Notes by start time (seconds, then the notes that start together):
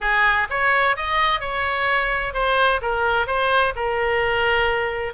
0.00 G#4
0.49 C#5
0.96 D#5
1.40 C#5
2.33 C5
2.81 A#4
3.26 C5
3.75 A#4